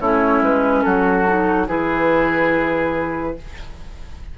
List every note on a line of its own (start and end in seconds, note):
0.00 0.41 A3
0.00 1.28 C#4
0.00 0.84 E4
0.00 0.42 C#5
0.41 0.83 G#3
0.41 0.82 B4
0.82 1.67 F#3
0.82 1.67 F#4
0.82 1.67 A4
1.28 1.67 D#4
1.67 3.36 E3
1.67 3.36 E4
1.67 3.36 G#4
1.67 3.37 B4